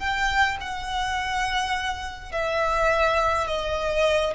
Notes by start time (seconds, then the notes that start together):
0.00 G5
0.61 F#5
2.32 E5
3.48 D#5